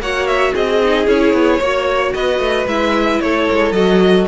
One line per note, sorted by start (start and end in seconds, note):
0.00 0.54 A#3
0.00 0.82 F#4
0.00 0.53 C#5
0.00 0.27 F#5
0.27 0.54 E5
0.53 1.07 C4
0.53 1.60 G#4
0.53 1.09 D#5
0.83 1.07 D#4
1.07 1.33 C#4
1.07 1.60 E4
1.07 2.14 C#5
1.33 1.60 B3
1.60 2.14 A#3
1.60 2.68 F#4
1.60 2.13 C#5
2.14 2.39 B3
2.14 3.23 B4
2.14 2.67 D#5
2.39 2.66 A3
2.67 3.21 G#3
2.67 3.75 E4
2.67 3.21 E5
3.21 3.48 A3
3.21 4.28 A4
3.21 3.73 C#5
3.52 3.72 G#3
3.72 4.26 F#3
3.72 4.28 F#4
3.72 4.26 D#5